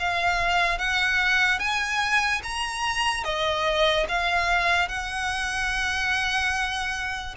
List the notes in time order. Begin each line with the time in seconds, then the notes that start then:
0.00 F5
0.79 F#5
1.60 G#5
2.43 A#5
3.24 D#5
4.09 F5
4.89 F#5